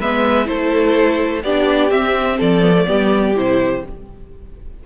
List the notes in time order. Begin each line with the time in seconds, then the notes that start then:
0.00 G#3 B3 B4 E5
0.45 A3 E4 A4 C5
1.43 B3 D4 G4 D5
1.90 C4 E5
2.38 F3 A4 D5
2.61 B3
2.77 A3
2.86 G3 B3 G4
3.35 C3 E4 C5